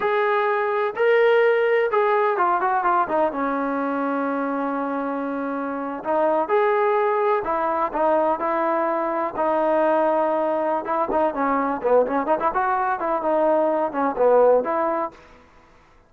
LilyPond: \new Staff \with { instrumentName = "trombone" } { \time 4/4 \tempo 4 = 127 gis'2 ais'2 | gis'4 f'8 fis'8 f'8 dis'8 cis'4~ | cis'1~ | cis'8. dis'4 gis'2 e'16~ |
e'8. dis'4 e'2 dis'16~ | dis'2. e'8 dis'8 | cis'4 b8 cis'8 dis'16 e'16 fis'4 e'8 | dis'4. cis'8 b4 e'4 | }